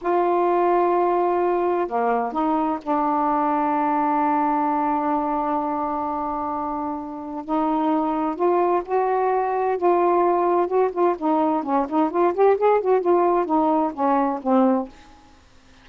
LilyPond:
\new Staff \with { instrumentName = "saxophone" } { \time 4/4 \tempo 4 = 129 f'1 | ais4 dis'4 d'2~ | d'1~ | d'1 |
dis'2 f'4 fis'4~ | fis'4 f'2 fis'8 f'8 | dis'4 cis'8 dis'8 f'8 g'8 gis'8 fis'8 | f'4 dis'4 cis'4 c'4 | }